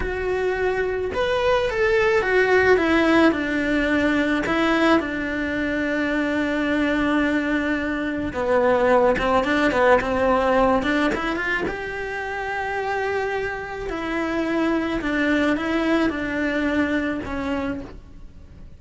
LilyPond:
\new Staff \with { instrumentName = "cello" } { \time 4/4 \tempo 4 = 108 fis'2 b'4 a'4 | fis'4 e'4 d'2 | e'4 d'2.~ | d'2. b4~ |
b8 c'8 d'8 b8 c'4. d'8 | e'8 f'8 g'2.~ | g'4 e'2 d'4 | e'4 d'2 cis'4 | }